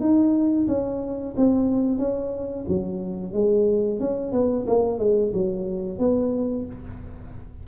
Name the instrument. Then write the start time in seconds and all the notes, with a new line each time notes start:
tuba
0.00 D#4
0.68 C#4
1.36 C4
1.98 C#4
2.67 F#3
3.33 G#3
4.00 C#4
4.32 B3
4.67 A#3
4.98 G#3
5.33 F#3
5.98 B3